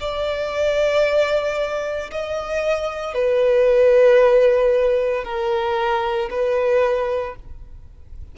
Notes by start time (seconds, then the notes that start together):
0.00 D5
2.11 D#5
3.14 B4
5.24 A#4
6.31 B4